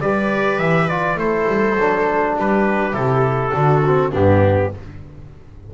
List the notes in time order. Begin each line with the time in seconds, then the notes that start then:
0.00 G3 G4 B4 D5
0.59 E3 E5
0.89 F4 D5
1.15 A3 E4 A4 C5
1.48 G3
1.75 F#3 D4
2.38 G3 G4 B4
2.92 C3 E4 A4
3.52 D3 D4 F#4
3.86 C4
4.11 G2 B3 D4 G4